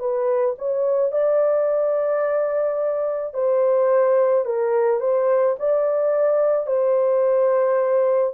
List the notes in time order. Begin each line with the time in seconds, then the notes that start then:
0.00 B4
0.59 C#5
1.12 D5
3.34 C5
4.45 A#4
5.01 C5
5.59 D5
6.67 C5